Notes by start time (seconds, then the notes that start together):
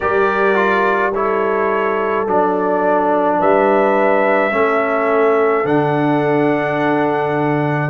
0.00 G3 G4 A#4 D5
0.55 F4
1.12 E4 A4 C#5
2.26 F#3 D4 D5
3.38 G3 B4 E5
4.51 A3 C#4 A4
5.64 D3 D4 F#5